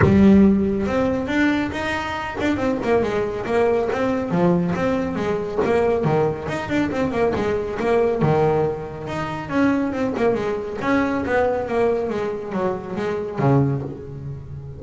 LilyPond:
\new Staff \with { instrumentName = "double bass" } { \time 4/4 \tempo 4 = 139 g2 c'4 d'4 | dis'4. d'8 c'8 ais8 gis4 | ais4 c'4 f4 c'4 | gis4 ais4 dis4 dis'8 d'8 |
c'8 ais8 gis4 ais4 dis4~ | dis4 dis'4 cis'4 c'8 ais8 | gis4 cis'4 b4 ais4 | gis4 fis4 gis4 cis4 | }